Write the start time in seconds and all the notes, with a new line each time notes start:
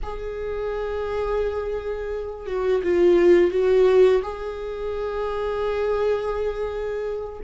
0.02 G#4
2.46 F#4
2.83 F4
3.51 F#4
4.22 G#4